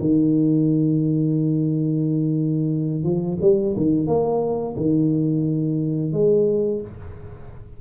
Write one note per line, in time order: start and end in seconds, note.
0.00 3.04 D#3
3.04 3.38 F3
3.42 3.76 G3
3.77 4.07 D#3
4.07 4.75 A#3
4.77 6.13 D#3
6.13 6.81 G#3